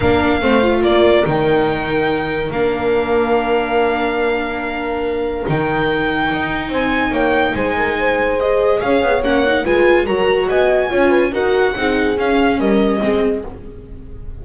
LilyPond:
<<
  \new Staff \with { instrumentName = "violin" } { \time 4/4 \tempo 4 = 143 f''2 d''4 g''4~ | g''2 f''2~ | f''1~ | f''4 g''2. |
gis''4 g''4 gis''2 | dis''4 f''4 fis''4 gis''4 | ais''4 gis''2 fis''4~ | fis''4 f''4 dis''2 | }
  \new Staff \with { instrumentName = "horn" } { \time 4/4 ais'4 c''4 ais'2~ | ais'1~ | ais'1~ | ais'1 |
c''4 cis''4 c''8 ais'8 c''4~ | c''4 cis''2 b'4 | ais'4 dis''4 cis''8 b'8 ais'4 | gis'2 ais'4 gis'4 | }
  \new Staff \with { instrumentName = "viola" } { \time 4/4 d'4 c'8 f'4. dis'4~ | dis'2 d'2~ | d'1~ | d'4 dis'2.~ |
dis'1 | gis'2 cis'8 dis'8 f'4 | fis'2 f'4 fis'4 | dis'4 cis'2 c'4 | }
  \new Staff \with { instrumentName = "double bass" } { \time 4/4 ais4 a4 ais4 dis4~ | dis2 ais2~ | ais1~ | ais4 dis2 dis'4 |
c'4 ais4 gis2~ | gis4 cis'8 b8 ais4 gis4 | fis4 b4 cis'4 dis'4 | c'4 cis'4 g4 gis4 | }
>>